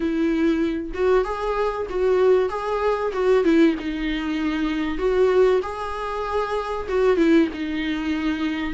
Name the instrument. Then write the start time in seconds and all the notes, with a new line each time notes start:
viola
0.00 E4
0.94 F#4
1.24 G#4
1.89 F#4
2.49 G#4
3.12 F#4
3.44 E4
3.79 D#4
4.98 F#4
5.62 G#4
6.88 F#4
7.16 E4
7.53 D#4